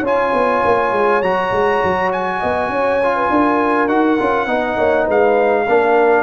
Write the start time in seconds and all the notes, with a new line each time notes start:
0.00 C#4 F4 C#5
0.07 G#5
0.33 B3
0.65 A#3
0.92 G#3
1.22 F#3 F#4 A#5
1.52 G#3
1.84 F#3
2.13 G#5
2.39 B3 D#5
2.70 C#4 C#5
3.03 F4
3.16 B4
3.31 D4 A#4
3.88 D#4 F#4 F#5
4.19 C#4 F4
4.47 B3 D#4 D#5
4.78 A#3 C#5
5.05 G#3 B4
5.11 F5
5.69 A#3 D4 A#4